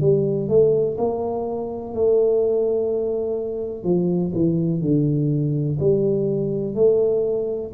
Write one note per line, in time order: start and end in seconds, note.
0.00 0.48 G3
0.48 0.96 A3
0.97 1.94 A#3
1.94 3.83 A3
3.83 4.32 F3
4.34 4.81 E3
4.81 5.78 D3
5.79 6.74 G3
6.74 7.71 A3